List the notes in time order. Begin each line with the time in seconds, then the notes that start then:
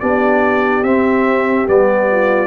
0.00 B3 D4 G4 D5
0.83 C4 E5
1.67 G3 B3 D5
2.10 F4